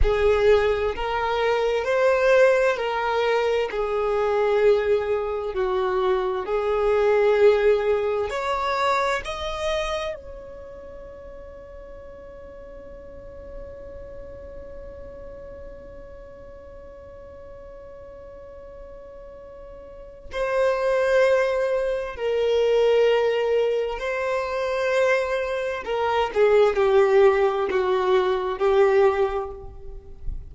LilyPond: \new Staff \with { instrumentName = "violin" } { \time 4/4 \tempo 4 = 65 gis'4 ais'4 c''4 ais'4 | gis'2 fis'4 gis'4~ | gis'4 cis''4 dis''4 cis''4~ | cis''1~ |
cis''1~ | cis''2 c''2 | ais'2 c''2 | ais'8 gis'8 g'4 fis'4 g'4 | }